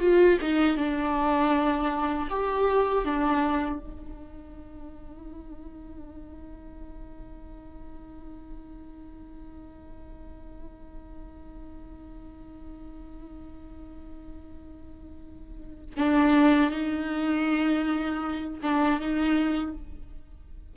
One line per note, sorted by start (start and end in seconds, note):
0.00 0.38 F4
0.41 0.77 D#4
0.77 2.29 D4
2.30 3.04 G4
3.04 3.79 D4
3.79 15.94 D#4
15.97 16.71 D4
16.71 18.60 D#4
18.62 19.00 D4
19.00 19.76 D#4